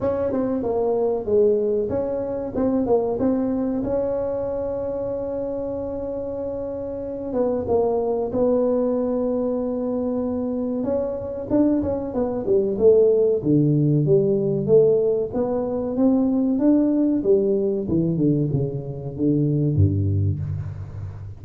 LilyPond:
\new Staff \with { instrumentName = "tuba" } { \time 4/4 \tempo 4 = 94 cis'8 c'8 ais4 gis4 cis'4 | c'8 ais8 c'4 cis'2~ | cis'2.~ cis'8 b8 | ais4 b2.~ |
b4 cis'4 d'8 cis'8 b8 g8 | a4 d4 g4 a4 | b4 c'4 d'4 g4 | e8 d8 cis4 d4 g,4 | }